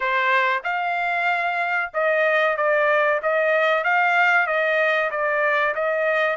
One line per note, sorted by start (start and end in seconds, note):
0.00 0.62 C5
0.63 1.91 F5
1.93 2.56 D#5
2.56 3.20 D5
3.22 3.84 D#5
3.84 4.46 F5
4.46 5.10 D#5
5.10 5.74 D5
5.74 6.36 D#5